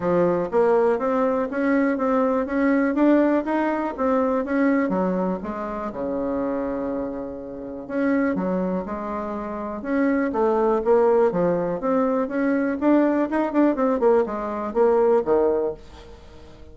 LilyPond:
\new Staff \with { instrumentName = "bassoon" } { \time 4/4 \tempo 4 = 122 f4 ais4 c'4 cis'4 | c'4 cis'4 d'4 dis'4 | c'4 cis'4 fis4 gis4 | cis1 |
cis'4 fis4 gis2 | cis'4 a4 ais4 f4 | c'4 cis'4 d'4 dis'8 d'8 | c'8 ais8 gis4 ais4 dis4 | }